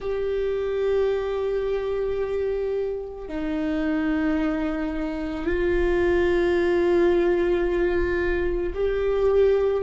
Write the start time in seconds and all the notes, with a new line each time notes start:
0.00 G4
3.28 D#4
5.45 F4
8.74 G4